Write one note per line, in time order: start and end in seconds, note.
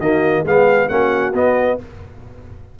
0.00 0.44 D#3
0.00 0.46 A#3
0.00 0.44 F#4
0.00 0.44 D#5
0.45 0.89 G#3
0.45 0.90 B3
0.45 0.91 G#4
0.45 0.89 F5
0.89 1.33 A#3
0.89 1.34 C#4
0.89 1.79 F#4
0.89 1.33 F#5
1.33 1.77 B3
1.33 1.78 B3
1.33 1.80 D#5